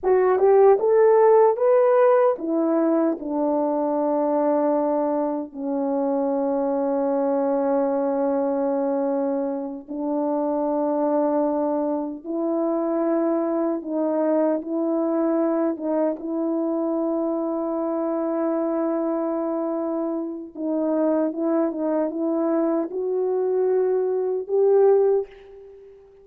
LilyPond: \new Staff \with { instrumentName = "horn" } { \time 4/4 \tempo 4 = 76 fis'8 g'8 a'4 b'4 e'4 | d'2. cis'4~ | cis'1~ | cis'8 d'2. e'8~ |
e'4. dis'4 e'4. | dis'8 e'2.~ e'8~ | e'2 dis'4 e'8 dis'8 | e'4 fis'2 g'4 | }